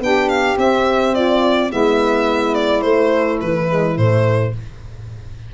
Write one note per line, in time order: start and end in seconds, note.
0.00 0.57 B3
0.00 0.57 D4
0.00 1.14 G4
0.00 0.29 G5
0.29 0.57 F5
0.57 1.70 C4
0.57 1.15 E5
1.14 1.69 F4
1.14 1.71 D5
1.69 2.83 G#3
1.69 2.83 B3
1.69 4.52 E4
1.69 2.55 E5
2.55 2.81 D5
2.81 3.40 A3
2.81 3.69 A3
2.81 3.38 C5
3.41 3.97 E3
3.41 3.97 B4
3.69 3.97 G#3
3.97 4.54 A2
3.97 4.54 A3
3.97 4.54 C5